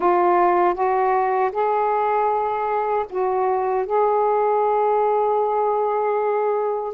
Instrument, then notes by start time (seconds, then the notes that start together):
saxophone
0.00 F4
0.74 F#4
1.52 G#4
3.09 F#4
3.86 G#4